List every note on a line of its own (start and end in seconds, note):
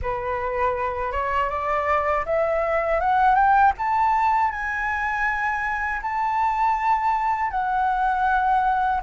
0.02 1.11 B4
1.11 1.49 C#5
1.49 2.24 D5
2.25 3.00 E5
3.00 3.35 F#5
3.35 3.72 G5
3.77 4.51 A5
4.51 6.01 G#5
6.01 7.50 A5
7.50 9.00 F#5